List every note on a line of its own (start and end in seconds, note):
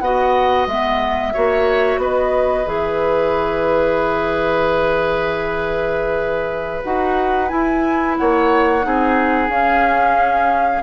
0.00 0.67 B3
0.00 0.69 F#4
0.00 1.34 D#5
0.00 0.67 F#5
0.67 1.34 G#3
0.67 1.34 B3
0.67 2.01 E5
1.34 1.98 A#3
1.34 2.66 F#4
1.34 2.01 C#5
1.98 2.65 B3
1.98 8.18 B4
1.98 2.68 D#5
2.66 6.83 E3
2.66 6.83 G#4
2.66 6.84 E5
6.84 7.52 D#4
6.84 7.49 F#4
6.84 7.49 F#5
7.49 8.82 E4
7.49 8.20 E4
7.49 8.16 G#5
8.18 8.86 A#3
8.18 8.87 C#5
8.18 9.50 F#5
8.82 9.49 C4
8.82 9.49 D#4
8.82 10.83 G#4
9.49 10.82 C#4
9.49 10.83 C#4
9.49 10.83 F5